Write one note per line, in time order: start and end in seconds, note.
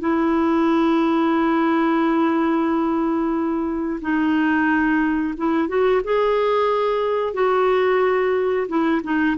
0.00 4.00 E4
4.01 5.35 D#4
5.37 5.68 E4
5.68 6.02 F#4
6.04 7.34 G#4
7.34 8.67 F#4
8.68 9.02 E4
9.04 9.37 D#4